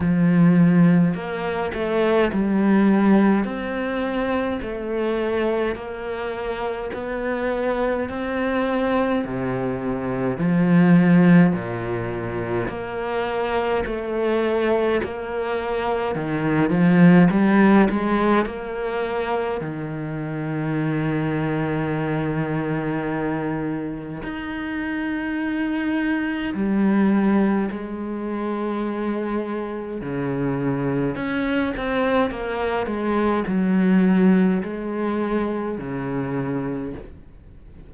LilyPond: \new Staff \with { instrumentName = "cello" } { \time 4/4 \tempo 4 = 52 f4 ais8 a8 g4 c'4 | a4 ais4 b4 c'4 | c4 f4 ais,4 ais4 | a4 ais4 dis8 f8 g8 gis8 |
ais4 dis2.~ | dis4 dis'2 g4 | gis2 cis4 cis'8 c'8 | ais8 gis8 fis4 gis4 cis4 | }